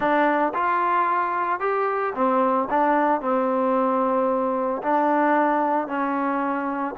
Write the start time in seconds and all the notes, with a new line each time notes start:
0.00 D4
0.54 F4
1.60 G4
2.14 C4
2.70 D4
3.21 C4
4.82 D4
5.87 C#4